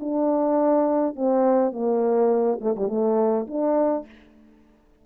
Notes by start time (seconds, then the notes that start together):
0.00 D4
1.16 C4
1.72 A#3
2.61 A3
2.76 G3
2.89 A3
3.47 D4